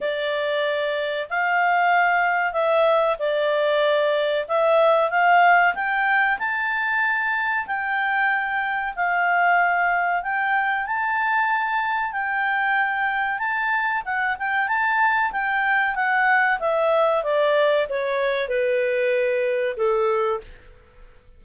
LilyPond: \new Staff \with { instrumentName = "clarinet" } { \time 4/4 \tempo 4 = 94 d''2 f''2 | e''4 d''2 e''4 | f''4 g''4 a''2 | g''2 f''2 |
g''4 a''2 g''4~ | g''4 a''4 fis''8 g''8 a''4 | g''4 fis''4 e''4 d''4 | cis''4 b'2 a'4 | }